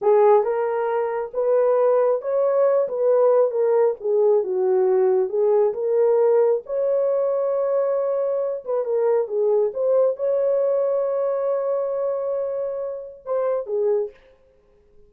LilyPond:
\new Staff \with { instrumentName = "horn" } { \time 4/4 \tempo 4 = 136 gis'4 ais'2 b'4~ | b'4 cis''4. b'4. | ais'4 gis'4 fis'2 | gis'4 ais'2 cis''4~ |
cis''2.~ cis''8 b'8 | ais'4 gis'4 c''4 cis''4~ | cis''1~ | cis''2 c''4 gis'4 | }